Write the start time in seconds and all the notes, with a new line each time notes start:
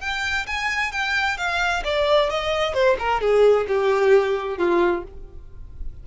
0.00 G5
0.46 G#5
0.92 G5
1.37 F5
1.84 D5
2.30 D#5
2.74 C5
2.99 A#4
3.21 G#4
3.68 G4
4.58 F4